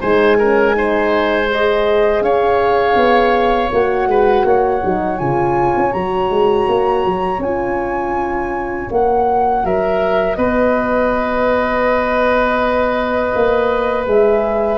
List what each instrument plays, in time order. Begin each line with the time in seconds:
0.00 tuba G#3, horn D#4, oboe C5, flute G#5
0.38 horn C#4, oboe A#4
0.73 horn D#4, oboe C5
1.50 horn G#4, flute D#5
2.21 tuba C#4, oboe C#5, flute F5
2.95 tuba B3
3.71 tuba A#3, horn F#4, flute F#5
4.07 tuba G#3, oboe B4
4.44 tuba A#3, oboe C#5
4.83 tuba F#3, horn D#4
5.17 tuba C#3, horn F4, flute G#5
5.76 tuba C#4
5.91 tuba F#3, horn F#4, flute A#5
6.30 tuba G#3
6.68 tuba A#3
7.05 tuba F#3
7.38 tuba C#4, horn F4, flute G#5
8.91 tuba A#3, horn F#4, flute F#5
9.63 tuba F#3, oboe A#4, flute E5
10.35 tuba B3, oboe B4, flute D#5
13.34 tuba A#3
14.05 tuba G#3, horn G#4, flute E5